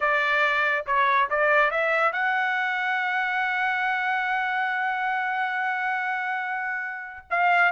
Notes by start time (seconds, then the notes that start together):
0.00 D5
0.86 C#5
1.30 D5
1.70 E5
2.12 F#5
7.30 F5